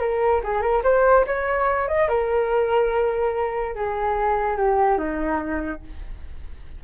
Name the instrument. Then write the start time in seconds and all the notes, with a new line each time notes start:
flute
0.00 A#4
0.44 G#4
0.62 A#4
0.84 C5
1.27 C#5
1.88 D#5
2.09 A#4
3.75 G#4
4.57 G4
4.98 D#4